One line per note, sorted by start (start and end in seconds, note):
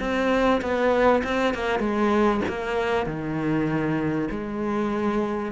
0.00 0.61 C4
0.62 1.23 B3
1.24 1.54 C4
1.54 1.80 A#3
1.80 2.41 G#3
2.49 3.06 A#3
3.06 4.29 D#3
4.31 5.52 G#3